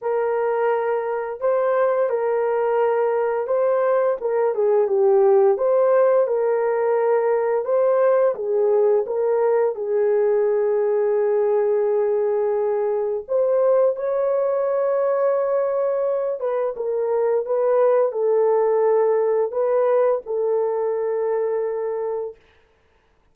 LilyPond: \new Staff \with { instrumentName = "horn" } { \time 4/4 \tempo 4 = 86 ais'2 c''4 ais'4~ | ais'4 c''4 ais'8 gis'8 g'4 | c''4 ais'2 c''4 | gis'4 ais'4 gis'2~ |
gis'2. c''4 | cis''2.~ cis''8 b'8 | ais'4 b'4 a'2 | b'4 a'2. | }